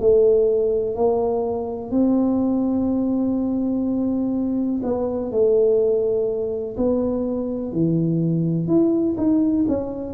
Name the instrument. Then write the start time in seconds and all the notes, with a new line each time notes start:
tuba
0.00 A3
0.95 A#3
1.91 C4
4.83 B3
5.31 A3
6.77 B3
7.72 E3
8.67 E4
9.18 D#4
9.69 C#4